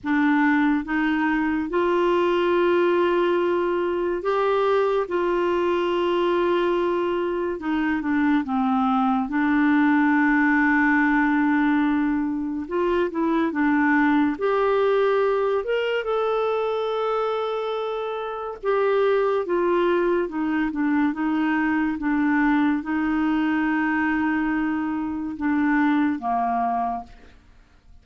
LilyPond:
\new Staff \with { instrumentName = "clarinet" } { \time 4/4 \tempo 4 = 71 d'4 dis'4 f'2~ | f'4 g'4 f'2~ | f'4 dis'8 d'8 c'4 d'4~ | d'2. f'8 e'8 |
d'4 g'4. ais'8 a'4~ | a'2 g'4 f'4 | dis'8 d'8 dis'4 d'4 dis'4~ | dis'2 d'4 ais4 | }